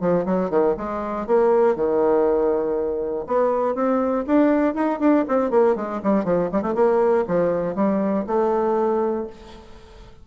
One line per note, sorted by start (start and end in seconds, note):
0.00 0.25 F3
0.25 0.50 F#3
0.50 0.75 D#3
0.77 1.26 G#3
1.26 1.75 A#3
1.75 3.25 D#3
3.27 3.75 B3
3.75 4.25 C4
4.27 4.74 D4
4.74 4.99 D#4
4.99 5.24 D4
5.28 5.50 C4
5.50 5.75 A#3
5.75 6.00 G#3
6.03 6.24 G3
6.24 6.49 F3
6.52 6.62 G3
6.62 6.74 A3
6.75 7.25 A#3
7.27 7.75 F3
7.75 8.25 G3
8.26 9.26 A3